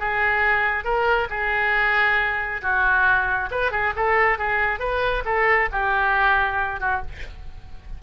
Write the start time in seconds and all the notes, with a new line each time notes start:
0.00 G#4
0.85 A#4
1.30 G#4
2.62 F#4
3.52 B4
3.72 G#4
3.96 A4
4.39 G#4
4.80 B4
5.26 A4
5.72 G4
6.81 F#4